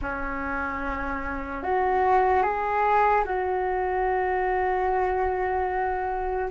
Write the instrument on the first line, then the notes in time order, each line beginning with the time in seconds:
flute
0.01 C#4
1.63 F#4
2.43 G#4
3.24 F#4